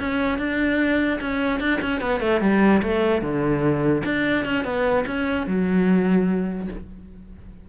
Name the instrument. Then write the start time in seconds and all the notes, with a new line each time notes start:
cello
0.00 C#4
0.39 D4
1.21 C#4
1.60 D4
1.82 C#4
2.01 B3
2.21 A3
2.41 G3
2.83 A3
3.22 D3
4.05 D4
4.46 C#4
4.65 B3
5.07 C#4
5.47 F#3